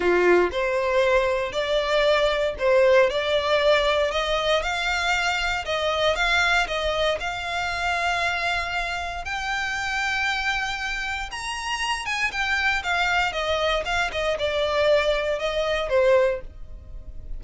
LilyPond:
\new Staff \with { instrumentName = "violin" } { \time 4/4 \tempo 4 = 117 f'4 c''2 d''4~ | d''4 c''4 d''2 | dis''4 f''2 dis''4 | f''4 dis''4 f''2~ |
f''2 g''2~ | g''2 ais''4. gis''8 | g''4 f''4 dis''4 f''8 dis''8 | d''2 dis''4 c''4 | }